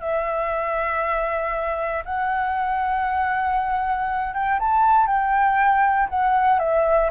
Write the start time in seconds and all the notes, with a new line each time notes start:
0.00 E5
2.05 F#5
4.34 G5
4.59 A5
5.07 G5
6.09 F#5
6.59 E5